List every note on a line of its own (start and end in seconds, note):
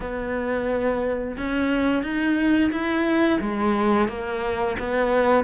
0.00 1.36 B3
1.37 2.02 C#4
2.02 2.71 D#4
2.71 3.39 E4
3.40 4.08 G#3
4.08 4.76 A#3
4.79 5.44 B3